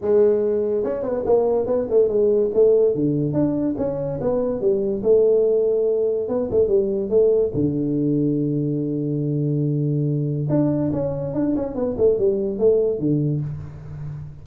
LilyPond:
\new Staff \with { instrumentName = "tuba" } { \time 4/4 \tempo 4 = 143 gis2 cis'8 b8 ais4 | b8 a8 gis4 a4 d4 | d'4 cis'4 b4 g4 | a2. b8 a8 |
g4 a4 d2~ | d1~ | d4 d'4 cis'4 d'8 cis'8 | b8 a8 g4 a4 d4 | }